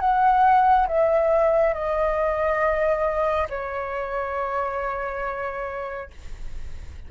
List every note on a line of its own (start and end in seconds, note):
0.00 0.87 F#5
0.87 1.74 E5
1.74 3.48 D#5
3.49 6.10 C#5